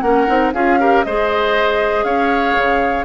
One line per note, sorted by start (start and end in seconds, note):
0.00 0.26 A#3
0.00 0.27 C#4
0.00 0.53 A#4
0.00 0.50 F#5
0.27 0.53 C4
0.27 0.52 D#4
0.53 1.04 C#4
0.53 0.79 F4
0.53 0.79 G#4
0.53 1.03 F5
0.79 1.05 G4
0.79 1.05 A#4
1.03 2.04 G#3
1.03 3.04 G#4
1.03 2.05 C5
1.03 2.04 D#5
2.04 2.54 C#4
2.04 3.04 C#5
2.04 3.04 F5
2.57 3.04 C#3